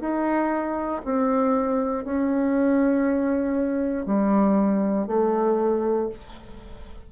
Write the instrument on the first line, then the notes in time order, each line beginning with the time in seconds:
bassoon
0.00 D#4
1.04 C4
2.05 C#4
4.05 G3
5.07 A3